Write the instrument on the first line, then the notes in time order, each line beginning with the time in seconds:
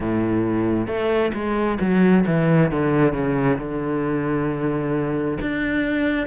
cello
0.00 A2
0.87 A3
1.34 G#3
1.80 F#3
2.26 E3
2.71 D3
3.13 C#3
3.59 D3
5.41 D4